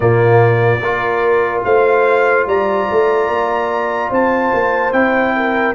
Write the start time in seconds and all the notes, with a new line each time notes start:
0.00 A#2 A#3 F4 D5
0.81 A#3 F4 A#4
1.64 A3 C5 F5
2.46 G3 D5 A#5
2.91 A3
3.27 A#3
4.10 C4 C5 A5
4.53 A#3
4.92 C4 E4 G5
5.36 A#4